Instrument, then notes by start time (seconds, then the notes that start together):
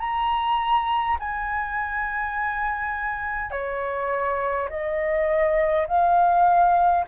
flute
0.00 A#5
1.20 G#5
3.51 C#5
4.70 D#5
5.88 F5